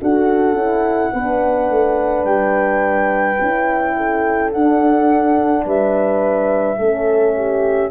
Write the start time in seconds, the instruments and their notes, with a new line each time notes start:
0.00 tuba D4, horn F#4 A4, flute F#5
0.53 tuba C#4, horn E4
1.12 tuba B3, horn D4 B4
1.70 tuba A3
2.24 tuba G3, flute G5
3.40 tuba C#4, horn E4
3.96 horn A4
4.51 horn D4, tuba D4, flute F#5
5.65 tuba G3, horn B4, flute E5
6.78 tuba A3, horn C#4 A4
7.36 horn G4